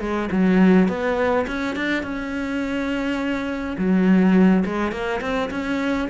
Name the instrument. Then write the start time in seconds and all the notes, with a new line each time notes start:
cello
0.00 G#3
0.31 F#3
0.88 B3
1.47 C#4
1.76 D4
2.03 C#4
3.78 F#3
4.65 G#3
4.92 A#3
5.21 C4
5.50 C#4